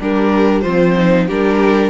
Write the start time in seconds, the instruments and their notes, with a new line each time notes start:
0.00 cello G3, violin D4 A#4, viola G4
0.62 cello F3, violin C4 C5, viola F4
0.98 viola D#4
1.27 cello G3, viola D4, violin G4 A#4